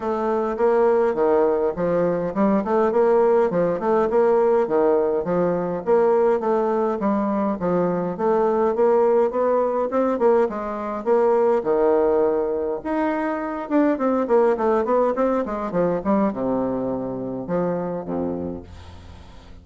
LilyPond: \new Staff \with { instrumentName = "bassoon" } { \time 4/4 \tempo 4 = 103 a4 ais4 dis4 f4 | g8 a8 ais4 f8 a8 ais4 | dis4 f4 ais4 a4 | g4 f4 a4 ais4 |
b4 c'8 ais8 gis4 ais4 | dis2 dis'4. d'8 | c'8 ais8 a8 b8 c'8 gis8 f8 g8 | c2 f4 f,4 | }